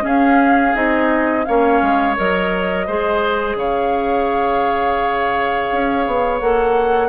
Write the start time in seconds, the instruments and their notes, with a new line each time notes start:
0.00 clarinet C#4, bassoon C#4, oboe G#4
0.06 flute F5
0.74 bassoon C4, clarinet D#4, flute D#5
1.44 bassoon A#3, clarinet C#4, oboe C#5, flute F5
1.81 bassoon G#3
2.16 bassoon F#3, clarinet A#4, flute D#5
2.86 bassoon G#3, clarinet G#4, oboe C5
3.55 bassoon C#3, oboe C#5, flute F5
5.72 bassoon C#4
6.06 bassoon B3
6.39 bassoon A#3, clarinet A4, flute F#5